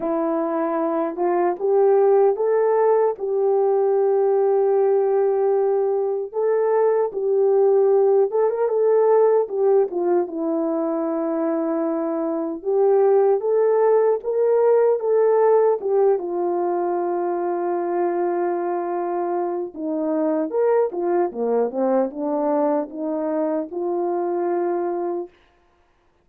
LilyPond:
\new Staff \with { instrumentName = "horn" } { \time 4/4 \tempo 4 = 76 e'4. f'8 g'4 a'4 | g'1 | a'4 g'4. a'16 ais'16 a'4 | g'8 f'8 e'2. |
g'4 a'4 ais'4 a'4 | g'8 f'2.~ f'8~ | f'4 dis'4 ais'8 f'8 ais8 c'8 | d'4 dis'4 f'2 | }